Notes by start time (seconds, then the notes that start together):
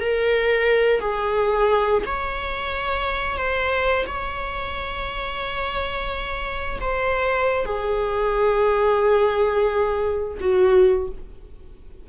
0.00 A#4
1.00 G#4
2.06 C#5
3.37 C5
4.07 C#5
6.81 C5
7.65 G#4
10.40 F#4